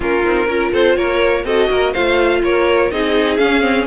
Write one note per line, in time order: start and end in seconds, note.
0.00 0.23 A#3
0.00 0.23 C#4
0.00 0.47 F4
0.00 0.73 A#4
0.24 0.47 C4
0.24 0.48 D#4
0.47 0.72 C#4
0.47 1.45 F4
0.47 0.71 A#4
0.72 0.96 C4
0.72 0.96 A4
0.72 0.96 C5
0.96 1.44 A#3
0.96 1.45 A#4
0.96 1.44 C#5
1.44 1.68 C4
1.44 1.94 F#4
1.44 1.70 A4
1.44 1.93 D#5
1.70 1.94 A#3
1.70 1.93 A#4
1.93 2.42 A3
1.93 2.91 F4
1.93 2.41 C5
1.93 2.42 F5
2.42 2.91 A#3
2.42 2.92 A#4
2.42 2.91 C#5
2.91 3.39 C4
2.91 3.38 D#4
2.91 3.86 G#4
2.91 3.36 D#5
3.36 3.60 C#4
3.36 3.86 C#4
3.36 3.85 F5
3.60 3.84 C4